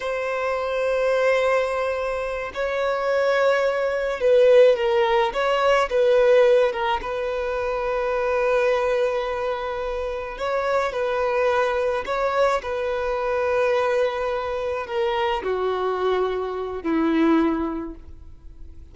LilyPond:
\new Staff \with { instrumentName = "violin" } { \time 4/4 \tempo 4 = 107 c''1~ | c''8 cis''2. b'8~ | b'8 ais'4 cis''4 b'4. | ais'8 b'2.~ b'8~ |
b'2~ b'8 cis''4 b'8~ | b'4. cis''4 b'4.~ | b'2~ b'8 ais'4 fis'8~ | fis'2 e'2 | }